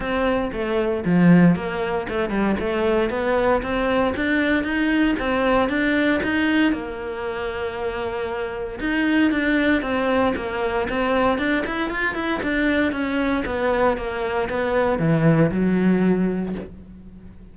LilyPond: \new Staff \with { instrumentName = "cello" } { \time 4/4 \tempo 4 = 116 c'4 a4 f4 ais4 | a8 g8 a4 b4 c'4 | d'4 dis'4 c'4 d'4 | dis'4 ais2.~ |
ais4 dis'4 d'4 c'4 | ais4 c'4 d'8 e'8 f'8 e'8 | d'4 cis'4 b4 ais4 | b4 e4 fis2 | }